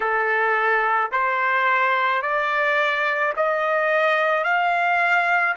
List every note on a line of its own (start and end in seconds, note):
0.00 1.11 A4
1.11 2.22 C5
2.22 3.33 D5
3.36 4.44 D#5
4.44 5.55 F5